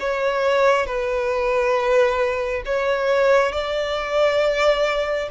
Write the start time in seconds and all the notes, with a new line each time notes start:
0.00 C#5
0.86 B4
2.66 C#5
3.52 D5